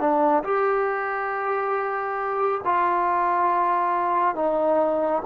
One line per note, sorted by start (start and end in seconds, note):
0.00 0.43 D4
0.44 2.61 G4
2.65 4.36 F4
4.36 5.23 D#4